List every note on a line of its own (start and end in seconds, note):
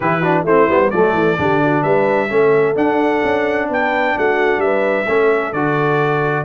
0.00 0.44 E3
0.00 0.23 E4
0.00 0.20 G4
0.00 0.44 B4
0.20 0.46 D4
0.20 0.43 F#4
0.44 0.67 A3
0.44 0.69 C4
0.44 0.90 E4
0.44 0.90 C5
0.67 0.90 G3
0.67 0.92 B3
0.90 1.13 F#3
0.90 1.37 A3
0.90 1.39 A4
0.90 1.82 D5
1.13 1.36 E3
1.37 1.84 D3
1.37 2.29 D4
1.37 1.62 G4
1.63 1.82 F#4
1.82 2.30 G3
1.82 2.29 B4
1.82 2.75 E5
2.29 2.75 A3
2.29 2.75 C#4
2.29 3.69 A4
2.75 5.05 D4
2.75 3.21 D4
2.75 3.69 F#5
3.23 3.68 C#4
3.68 4.15 B3
3.68 4.16 B4
3.68 4.18 G5
4.16 4.57 A3
4.16 4.62 F#4
4.16 4.60 F#5
4.57 5.03 G3
4.57 5.08 B4
4.57 5.52 E5
5.07 5.52 A3
5.07 5.53 C#4
5.07 6.45 A4
5.52 6.45 D3
5.52 6.45 F#4
5.52 6.45 D5